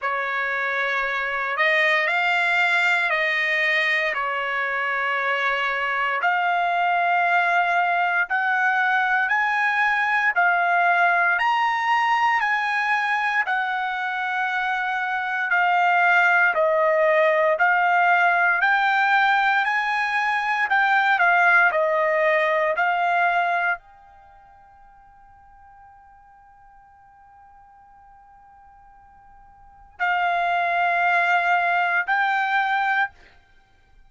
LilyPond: \new Staff \with { instrumentName = "trumpet" } { \time 4/4 \tempo 4 = 58 cis''4. dis''8 f''4 dis''4 | cis''2 f''2 | fis''4 gis''4 f''4 ais''4 | gis''4 fis''2 f''4 |
dis''4 f''4 g''4 gis''4 | g''8 f''8 dis''4 f''4 g''4~ | g''1~ | g''4 f''2 g''4 | }